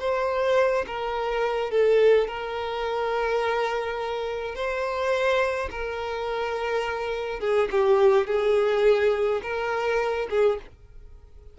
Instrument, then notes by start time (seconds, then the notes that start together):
violin
0.00 C5
0.87 A#4
1.71 A4
2.28 A#4
4.56 C5
5.71 A#4
7.41 G#4
7.72 G4
8.27 G#4
9.43 A#4
10.30 G#4